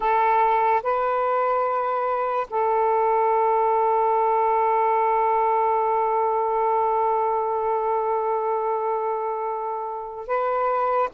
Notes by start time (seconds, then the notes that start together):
0.00 A4
0.82 B4
2.50 A4
10.27 B4